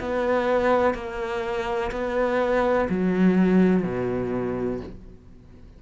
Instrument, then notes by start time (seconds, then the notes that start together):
cello
0.00 B3
0.94 A#3
1.91 B3
2.89 F#3
3.84 B2